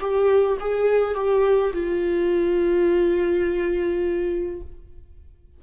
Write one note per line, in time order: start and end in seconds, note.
0.00 0.58 G4
0.60 1.15 G#4
1.15 1.73 G4
1.73 4.61 F4